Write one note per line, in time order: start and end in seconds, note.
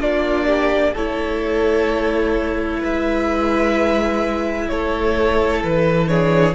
0.00 0.95 A#3
0.00 0.95 D4
0.00 0.47 F4
0.00 0.94 D5
0.47 0.92 G4
0.92 2.83 A3
0.92 6.08 E4
0.92 2.80 A4
0.92 2.84 C#5
2.80 4.71 G#3
2.80 4.67 B4
2.80 4.69 E5
4.69 5.64 A3
4.69 6.10 A4
4.69 5.63 C#5
5.64 6.55 E3
5.64 6.08 B4
6.08 6.55 D4
6.08 6.55 G#4
6.08 6.55 C#5